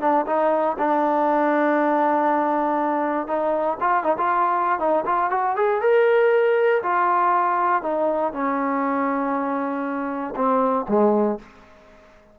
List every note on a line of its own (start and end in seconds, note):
0.00 0.25 D4
0.26 0.77 D#4
0.78 3.27 D4
3.27 3.77 D#4
3.80 4.03 F4
4.03 4.16 D#4
4.17 4.79 F4
4.79 5.04 D#4
5.05 5.30 F4
5.30 5.56 F#4
5.56 5.81 G#4
5.81 6.82 A#4
6.83 7.82 F4
7.82 8.32 D#4
8.32 10.34 C#4
10.35 10.86 C4
10.88 11.39 G#3